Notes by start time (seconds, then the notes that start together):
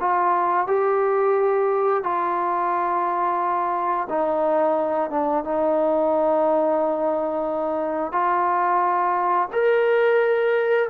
0.00 F4
0.67 G4
2.03 F4
4.09 D#4
5.10 D4
5.44 D#4
8.12 F4
9.52 A#4